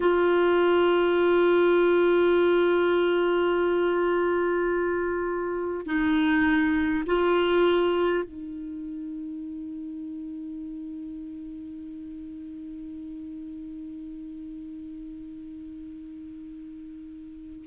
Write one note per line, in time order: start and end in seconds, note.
0.00 5.86 F4
5.86 7.03 D#4
7.06 8.24 F4
8.24 17.65 D#4